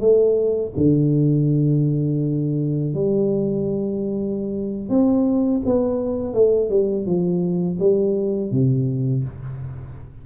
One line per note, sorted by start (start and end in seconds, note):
0.00 0.72 A3
0.77 2.94 D3
2.94 4.89 G3
4.89 5.61 C4
5.65 6.34 B3
6.34 6.70 A3
6.70 7.06 G3
7.06 7.78 F3
7.79 8.51 G3
8.51 9.24 C3